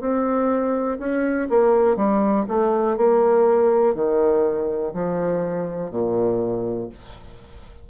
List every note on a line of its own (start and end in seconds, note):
0.00 0.98 C4
0.99 1.48 C#4
1.50 1.96 A#3
1.96 2.45 G3
2.48 2.97 A3
2.97 3.94 A#3
3.94 4.93 D#3
4.94 5.91 F3
5.91 6.89 A#2